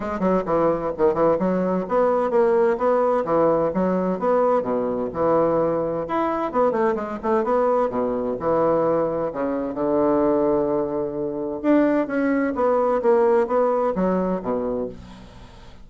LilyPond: \new Staff \with { instrumentName = "bassoon" } { \time 4/4 \tempo 4 = 129 gis8 fis8 e4 dis8 e8 fis4 | b4 ais4 b4 e4 | fis4 b4 b,4 e4~ | e4 e'4 b8 a8 gis8 a8 |
b4 b,4 e2 | cis4 d2.~ | d4 d'4 cis'4 b4 | ais4 b4 fis4 b,4 | }